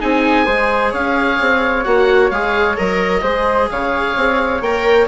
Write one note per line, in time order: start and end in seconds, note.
0.00 0.47 C4
0.00 0.45 D#4
0.00 0.46 G#4
0.00 0.93 G#5
0.45 0.93 G#3
0.45 1.83 G#4
0.45 0.91 C5
0.91 1.39 C#4
0.91 3.21 C#5
0.91 1.84 F5
1.40 1.86 C4
1.84 2.30 A#3
1.84 2.31 F#4
1.84 2.30 F#5
2.30 2.77 G#3
2.30 2.77 G#4
2.30 2.76 F5
2.77 3.22 F#3
2.77 3.23 A#4
2.77 3.70 D#5
3.22 3.68 G#3
3.22 4.62 G#4
3.22 3.68 C5
3.70 4.16 C#3
3.70 5.07 C#5
3.70 4.62 F5
4.16 4.61 C4
4.61 5.07 A#3
4.61 5.07 A#4
4.61 5.07 G5